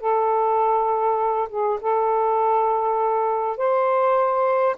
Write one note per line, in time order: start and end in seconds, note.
0.00 1.49 A4
1.50 1.79 G#4
1.81 3.57 A4
3.57 4.76 C5